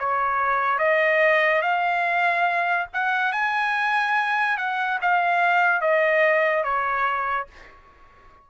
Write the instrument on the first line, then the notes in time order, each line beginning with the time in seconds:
trumpet
0.00 C#5
0.79 D#5
1.62 F5
2.94 F#5
3.33 G#5
4.58 F#5
5.02 F5
5.81 D#5
6.64 C#5